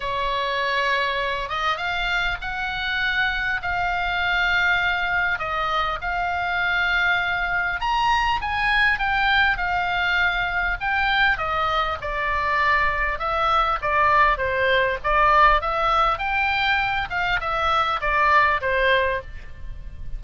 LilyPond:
\new Staff \with { instrumentName = "oboe" } { \time 4/4 \tempo 4 = 100 cis''2~ cis''8 dis''8 f''4 | fis''2 f''2~ | f''4 dis''4 f''2~ | f''4 ais''4 gis''4 g''4 |
f''2 g''4 dis''4 | d''2 e''4 d''4 | c''4 d''4 e''4 g''4~ | g''8 f''8 e''4 d''4 c''4 | }